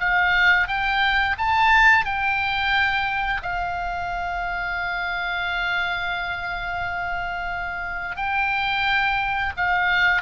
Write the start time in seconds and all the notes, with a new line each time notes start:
0.00 F5
0.68 G5
1.38 A5
2.05 G5
3.43 F5
8.17 G5
9.57 F5